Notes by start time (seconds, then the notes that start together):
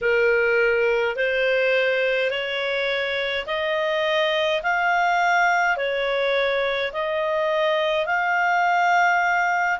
0.01 A#4
1.15 C5
2.30 C#5
3.46 D#5
4.62 F5
5.76 C#5
6.92 D#5
8.06 F5